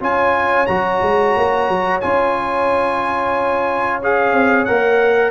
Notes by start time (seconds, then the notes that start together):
0.00 C#4 F4 C#5 G#5
0.66 F#3 F#4 A#5
1.01 G#3
1.36 A#3
1.69 F#3
2.01 C#4 F4 G#5
4.02 G#4 F5
4.33 C4
4.65 A#3 A#4 F#5